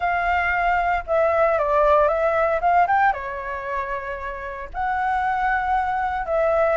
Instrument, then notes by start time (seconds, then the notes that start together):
flute
0.00 F5
1.06 E5
1.58 D5
2.08 E5
2.60 F5
2.87 G5
3.13 C#5
4.73 F#5
6.26 E5